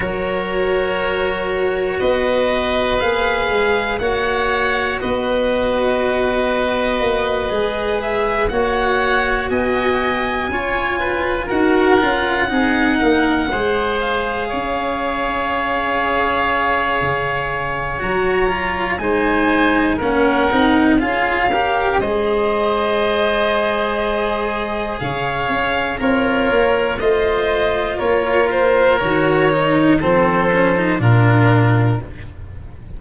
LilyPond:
<<
  \new Staff \with { instrumentName = "violin" } { \time 4/4 \tempo 4 = 60 cis''2 dis''4 f''4 | fis''4 dis''2. | e''8 fis''4 gis''2 fis''8~ | fis''2 f''2~ |
f''2 ais''4 gis''4 | fis''4 f''4 dis''2~ | dis''4 f''4 cis''4 dis''4 | cis''8 c''8 cis''4 c''4 ais'4 | }
  \new Staff \with { instrumentName = "oboe" } { \time 4/4 ais'2 b'2 | cis''4 b'2.~ | b'8 cis''4 dis''4 cis''8 b'8 ais'8~ | ais'8 gis'8 ais'8 c''4 cis''4.~ |
cis''2. c''4 | ais'4 gis'8 ais'8 c''2~ | c''4 cis''4 f'4 c''4 | ais'2 a'4 f'4 | }
  \new Staff \with { instrumentName = "cello" } { \time 4/4 fis'2. gis'4 | fis'2.~ fis'8 gis'8~ | gis'8 fis'2 f'4 fis'8 | f'8 dis'4 gis'2~ gis'8~ |
gis'2 fis'8 f'8 dis'4 | cis'8 dis'8 f'8 g'8 gis'2~ | gis'2 ais'4 f'4~ | f'4 fis'8 dis'8 c'8 cis'16 dis'16 d'4 | }
  \new Staff \with { instrumentName = "tuba" } { \time 4/4 fis2 b4 ais8 gis8 | ais4 b2 ais8 gis8~ | gis8 ais4 b4 cis'4 dis'8 | cis'8 c'8 ais8 gis4 cis'4.~ |
cis'4 cis4 fis4 gis4 | ais8 c'8 cis'4 gis2~ | gis4 cis8 cis'8 c'8 ais8 a4 | ais4 dis4 f4 ais,4 | }
>>